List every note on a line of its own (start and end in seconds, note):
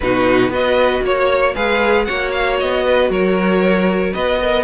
0.00 0.49 B2
0.00 0.50 D#4
0.00 0.51 F#4
0.00 0.52 B4
0.49 1.00 B3
0.49 1.54 F#4
0.49 1.02 B4
0.49 1.04 D#5
1.02 1.54 A#3
1.02 1.54 C#5
1.02 1.55 C#5
1.54 2.07 G#3
1.54 2.06 G#4
1.54 2.06 B4
1.54 2.05 F5
2.05 2.61 A#3
2.05 4.39 F#4
2.05 2.84 C#5
2.05 2.30 F#5
2.31 2.57 F5
2.59 3.09 B3
2.59 3.11 D#5
2.84 3.10 B4
3.09 4.13 F#3
3.09 4.13 A#4
3.09 4.13 C#5
4.13 4.64 B3
4.13 4.38 B4
4.13 4.64 D#5
4.40 4.64 A#4
4.40 4.64 D#5